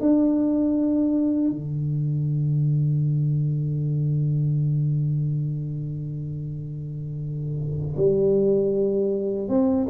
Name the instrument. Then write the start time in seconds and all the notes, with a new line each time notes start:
tuba
0.00 D4
1.51 D3
7.96 G3
9.48 C4